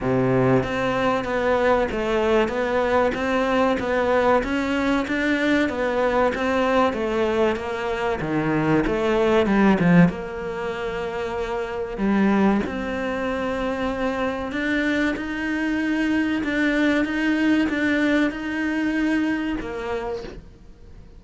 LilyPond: \new Staff \with { instrumentName = "cello" } { \time 4/4 \tempo 4 = 95 c4 c'4 b4 a4 | b4 c'4 b4 cis'4 | d'4 b4 c'4 a4 | ais4 dis4 a4 g8 f8 |
ais2. g4 | c'2. d'4 | dis'2 d'4 dis'4 | d'4 dis'2 ais4 | }